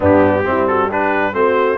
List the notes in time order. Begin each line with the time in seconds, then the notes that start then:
0.00 G2 B3 D4 G4
0.44 G3 C4 E4
0.67 F#4 A4
0.87 D4 G4 B4
1.33 A3 C4 F#4 C5